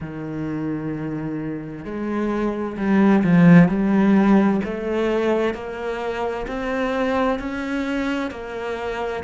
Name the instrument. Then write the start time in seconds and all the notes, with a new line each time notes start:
cello
0.00 D#3
1.84 G#3
2.77 G3
3.23 F3
3.68 G3
4.64 A3
5.54 A#3
6.47 C4
7.38 C#4
8.30 A#3